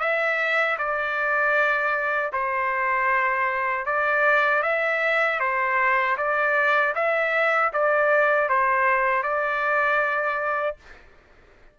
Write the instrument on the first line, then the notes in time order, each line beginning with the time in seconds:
trumpet
0.00 E5
0.78 D5
2.33 C5
3.86 D5
4.63 E5
5.40 C5
6.17 D5
6.95 E5
7.73 D5
8.49 C5
9.23 D5